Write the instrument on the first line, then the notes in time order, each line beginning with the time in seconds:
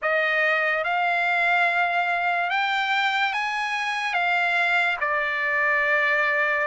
trumpet
0.02 D#5
0.83 F5
2.50 G5
3.33 G#5
4.13 F5
5.00 D5